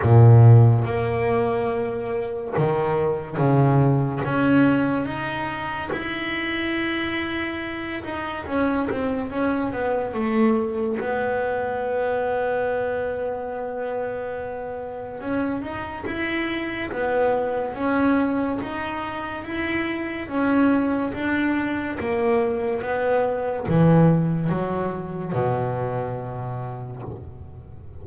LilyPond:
\new Staff \with { instrumentName = "double bass" } { \time 4/4 \tempo 4 = 71 ais,4 ais2 dis4 | cis4 cis'4 dis'4 e'4~ | e'4. dis'8 cis'8 c'8 cis'8 b8 | a4 b2.~ |
b2 cis'8 dis'8 e'4 | b4 cis'4 dis'4 e'4 | cis'4 d'4 ais4 b4 | e4 fis4 b,2 | }